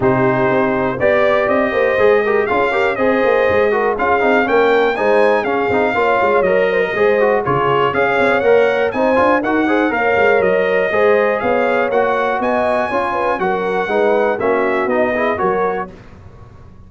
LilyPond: <<
  \new Staff \with { instrumentName = "trumpet" } { \time 4/4 \tempo 4 = 121 c''2 d''4 dis''4~ | dis''4 f''4 dis''2 | f''4 g''4 gis''4 f''4~ | f''4 dis''2 cis''4 |
f''4 fis''4 gis''4 fis''4 | f''4 dis''2 f''4 | fis''4 gis''2 fis''4~ | fis''4 e''4 dis''4 cis''4 | }
  \new Staff \with { instrumentName = "horn" } { \time 4/4 g'2 d''4. c''8~ | c''8 ais'8 gis'8 ais'8 c''4. ais'8 | gis'4 ais'4 c''4 gis'4 | cis''4. c''16 ais'16 c''4 gis'4 |
cis''2 c''4 ais'8 c''8 | cis''2 c''4 cis''4~ | cis''4 dis''4 cis''8 b'8 ais'4 | b'4 fis'4. gis'8 ais'4 | }
  \new Staff \with { instrumentName = "trombone" } { \time 4/4 dis'2 g'2 | gis'8 g'8 f'8 g'8 gis'4. fis'8 | f'8 dis'8 cis'4 dis'4 cis'8 dis'8 | f'4 ais'4 gis'8 fis'8 f'4 |
gis'4 ais'4 dis'8 f'8 fis'8 gis'8 | ais'2 gis'2 | fis'2 f'4 fis'4 | dis'4 cis'4 dis'8 e'8 fis'4 | }
  \new Staff \with { instrumentName = "tuba" } { \time 4/4 c4 c'4 b4 c'8 ais8 | gis4 cis'4 c'8 ais8 gis4 | cis'8 c'8 ais4 gis4 cis'8 c'8 | ais8 gis8 fis4 gis4 cis4 |
cis'8 c'8 ais4 c'8 d'8 dis'4 | ais8 gis8 fis4 gis4 b4 | ais4 b4 cis'4 fis4 | gis4 ais4 b4 fis4 | }
>>